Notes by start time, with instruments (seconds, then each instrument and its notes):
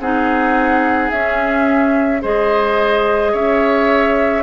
0.00 bassoon C4, clarinet D#4, oboe G#4, flute F#5
1.11 bassoon C#4, clarinet C#4, flute E5
2.22 bassoon G#3, clarinet G#4, oboe C5, flute D#5
3.32 bassoon C#4, oboe C#5, flute E5